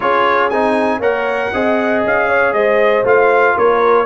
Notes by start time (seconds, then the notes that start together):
0.00 C#4 F4 G#4 C#5
0.50 C4 D#4 G#5
0.99 A#3 A#4 C#5 F#5
1.53 C4 G#4 D#5
2.04 C#4 F5
2.28 C#5
2.52 G#3 C5 D#5
3.04 A3 F4 F5
3.55 A#3 A#4 C#5